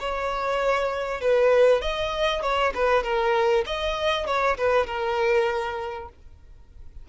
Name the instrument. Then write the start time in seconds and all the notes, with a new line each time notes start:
violin
0.00 C#5
1.21 B4
1.82 D#5
2.43 C#5
2.75 B4
3.04 A#4
3.67 D#5
4.27 C#5
4.58 B4
4.87 A#4